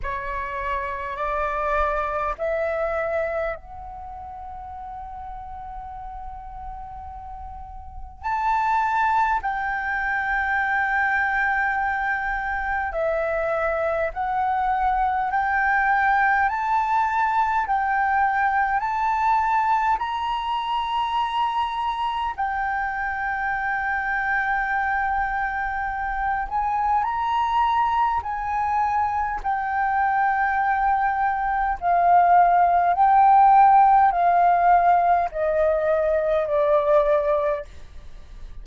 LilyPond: \new Staff \with { instrumentName = "flute" } { \time 4/4 \tempo 4 = 51 cis''4 d''4 e''4 fis''4~ | fis''2. a''4 | g''2. e''4 | fis''4 g''4 a''4 g''4 |
a''4 ais''2 g''4~ | g''2~ g''8 gis''8 ais''4 | gis''4 g''2 f''4 | g''4 f''4 dis''4 d''4 | }